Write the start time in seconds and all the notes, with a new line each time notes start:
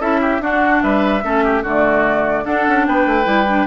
0.00 C#4 E4 A4 E5
0.21 G4
0.40 D4 F#4 F#5
0.82 G3 B4 E5
1.23 A3 C#4 A4
1.44 G4
1.62 D3 A3 F#4 D5
2.44 D4 A4 F#5
2.67 C#4
2.86 B3 B4 G5
3.06 A3
3.24 G3 E4
3.48 D4